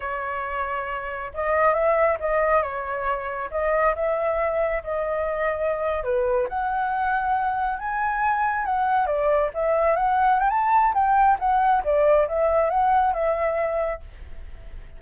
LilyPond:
\new Staff \with { instrumentName = "flute" } { \time 4/4 \tempo 4 = 137 cis''2. dis''4 | e''4 dis''4 cis''2 | dis''4 e''2 dis''4~ | dis''4.~ dis''16 b'4 fis''4~ fis''16~ |
fis''4.~ fis''16 gis''2 fis''16~ | fis''8. d''4 e''4 fis''4 g''16 | a''4 g''4 fis''4 d''4 | e''4 fis''4 e''2 | }